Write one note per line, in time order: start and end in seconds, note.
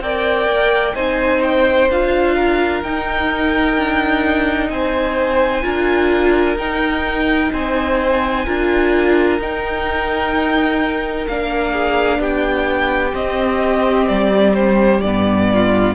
0.00 0.47 C4
0.00 0.95 A#4
0.00 0.95 D5
0.00 0.95 G5
0.47 0.94 A#3
0.95 1.89 C4
0.95 1.88 D#4
0.95 2.35 C5
0.95 1.42 G#5
1.42 1.89 G5
1.89 2.83 D4
1.89 2.84 F4
1.89 2.83 F5
2.35 4.69 A#4
2.83 3.77 D#4
2.83 5.62 D#4
2.83 4.70 G5
3.77 4.69 D4
4.69 5.63 C4
4.69 5.64 C5
4.69 6.57 G#5
5.62 6.55 D4
5.62 6.56 F4
5.62 7.51 A#4
6.55 7.49 D#4
6.55 8.46 D#4
6.55 7.52 G5
7.52 8.46 C4
7.52 8.45 C5
7.52 9.40 G#5
8.45 9.39 D4
8.45 9.40 F4
8.45 11.71 A#4
9.39 11.26 D#4
9.39 11.28 D#4
9.39 11.27 G5
11.27 12.19 A#3
11.27 13.12 D4
11.27 12.21 F5
11.71 12.18 G#4
12.19 13.13 B3
12.19 15.47 G4
12.19 13.15 G5
13.12 14.99 C4
13.12 14.08 C4
13.12 14.07 D#5
14.07 15.03 G3
14.07 14.54 D5
14.54 15.01 C5
15.01 15.95 G2
15.01 15.95 B3
15.01 15.94 D5
15.53 15.95 F4